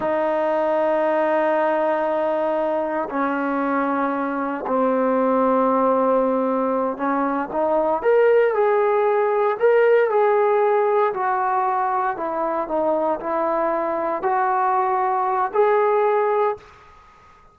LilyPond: \new Staff \with { instrumentName = "trombone" } { \time 4/4 \tempo 4 = 116 dis'1~ | dis'2 cis'2~ | cis'4 c'2.~ | c'4. cis'4 dis'4 ais'8~ |
ais'8 gis'2 ais'4 gis'8~ | gis'4. fis'2 e'8~ | e'8 dis'4 e'2 fis'8~ | fis'2 gis'2 | }